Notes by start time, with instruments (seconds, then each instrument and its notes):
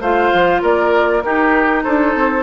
0.00 bassoon A3, clarinet F4, oboe C5, flute F5
0.33 bassoon F3
0.61 bassoon A#3, oboe A#4, flute D5
1.21 clarinet D#4, bassoon D#4, oboe G4, flute A#4
1.83 bassoon D4, oboe A4, flute C5
2.14 bassoon C4